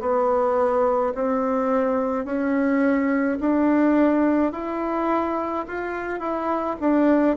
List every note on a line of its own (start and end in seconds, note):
0.00 1.13 B3
1.14 2.25 C4
2.25 3.38 C#4
3.40 4.52 D4
4.52 5.65 E4
5.67 6.19 F4
6.19 6.76 E4
6.80 7.36 D4